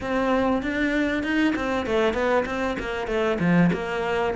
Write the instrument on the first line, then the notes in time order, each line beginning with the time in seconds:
cello
0.01 C4
0.62 D4
1.23 D#4
1.55 C4
1.86 A3
2.13 B3
2.45 C4
2.79 A#3
3.07 A3
3.39 F3
3.73 A#3